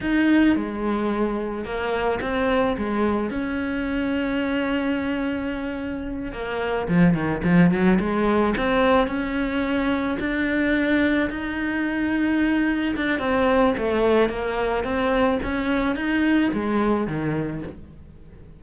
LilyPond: \new Staff \with { instrumentName = "cello" } { \time 4/4 \tempo 4 = 109 dis'4 gis2 ais4 | c'4 gis4 cis'2~ | cis'2.~ cis'8 ais8~ | ais8 f8 dis8 f8 fis8 gis4 c'8~ |
c'8 cis'2 d'4.~ | d'8 dis'2. d'8 | c'4 a4 ais4 c'4 | cis'4 dis'4 gis4 dis4 | }